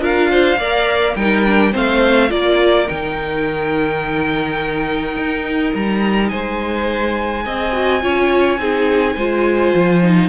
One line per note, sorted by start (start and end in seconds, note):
0.00 0.57 D4
0.00 0.57 F4
0.00 0.30 A#4
0.00 1.15 F5
0.30 0.58 C5
0.57 1.14 A#3
0.57 1.17 A#4
0.57 1.15 D5
1.15 1.73 G3
1.15 1.45 D#4
1.15 1.72 A#4
1.15 1.72 G5
1.45 1.72 D4
1.72 2.31 A3
1.72 2.29 C4
1.72 2.29 C5
1.72 2.31 F5
2.29 2.88 A#3
2.29 2.86 F4
2.29 6.30 A#4
2.29 2.88 D5
2.87 5.16 D#3
2.87 7.43 D#4
2.87 5.74 G5
5.16 5.73 D#4
5.74 6.31 G3
5.74 6.29 A#5
6.29 7.45 G#3
6.29 7.44 C5
6.29 10.29 G#5
7.43 8.02 C4
7.43 7.72 G#4
7.43 8.02 D#5
7.73 8.01 F#4
8.01 8.58 C#4
8.01 8.58 F4
8.01 8.60 C#5
8.58 9.15 C4
8.58 9.16 D#4
8.58 9.15 G#4
9.15 9.74 G#3
9.15 10.03 F4
9.15 10.29 C5
9.74 10.29 F3
10.03 10.29 D#4